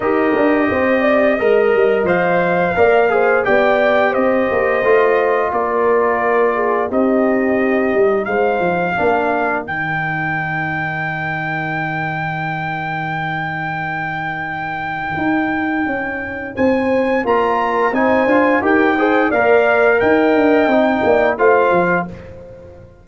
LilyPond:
<<
  \new Staff \with { instrumentName = "trumpet" } { \time 4/4 \tempo 4 = 87 dis''2. f''4~ | f''4 g''4 dis''2 | d''2 dis''2 | f''2 g''2~ |
g''1~ | g''1 | gis''4 ais''4 gis''4 g''4 | f''4 g''2 f''4 | }
  \new Staff \with { instrumentName = "horn" } { \time 4/4 ais'4 c''8 d''8 dis''2 | d''8 c''8 d''4 c''2 | ais'4. gis'8 g'2 | c''4 ais'2.~ |
ais'1~ | ais'1 | c''4 ais'4 c''4 ais'8 c''8 | d''4 dis''4. d''8 c''4 | }
  \new Staff \with { instrumentName = "trombone" } { \time 4/4 g'2 ais'4 c''4 | ais'8 gis'8 g'2 f'4~ | f'2 dis'2~ | dis'4 d'4 dis'2~ |
dis'1~ | dis'1~ | dis'4 f'4 dis'8 f'8 g'8 gis'8 | ais'2 dis'4 f'4 | }
  \new Staff \with { instrumentName = "tuba" } { \time 4/4 dis'8 d'8 c'4 gis8 g8 f4 | ais4 b4 c'8 ais8 a4 | ais2 c'4. g8 | gis8 f8 ais4 dis2~ |
dis1~ | dis2 dis'4 cis'4 | c'4 ais4 c'8 d'8 dis'4 | ais4 dis'8 d'8 c'8 ais8 a8 f8 | }
>>